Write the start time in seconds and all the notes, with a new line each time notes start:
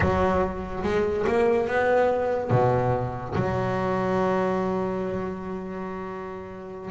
0.00 F#3
0.83 G#3
1.27 A#3
1.67 B3
2.50 B2
3.35 F#3